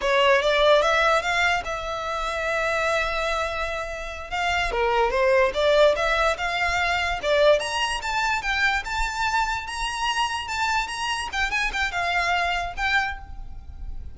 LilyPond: \new Staff \with { instrumentName = "violin" } { \time 4/4 \tempo 4 = 146 cis''4 d''4 e''4 f''4 | e''1~ | e''2~ e''8 f''4 ais'8~ | ais'8 c''4 d''4 e''4 f''8~ |
f''4. d''4 ais''4 a''8~ | a''8 g''4 a''2 ais''8~ | ais''4. a''4 ais''4 g''8 | gis''8 g''8 f''2 g''4 | }